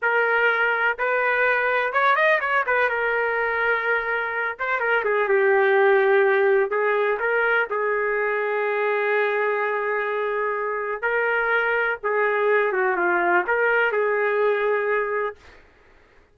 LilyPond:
\new Staff \with { instrumentName = "trumpet" } { \time 4/4 \tempo 4 = 125 ais'2 b'2 | cis''8 dis''8 cis''8 b'8 ais'2~ | ais'4. c''8 ais'8 gis'8 g'4~ | g'2 gis'4 ais'4 |
gis'1~ | gis'2. ais'4~ | ais'4 gis'4. fis'8 f'4 | ais'4 gis'2. | }